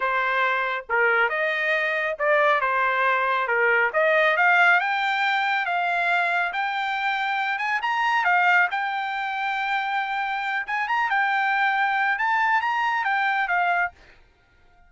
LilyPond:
\new Staff \with { instrumentName = "trumpet" } { \time 4/4 \tempo 4 = 138 c''2 ais'4 dis''4~ | dis''4 d''4 c''2 | ais'4 dis''4 f''4 g''4~ | g''4 f''2 g''4~ |
g''4. gis''8 ais''4 f''4 | g''1~ | g''8 gis''8 ais''8 g''2~ g''8 | a''4 ais''4 g''4 f''4 | }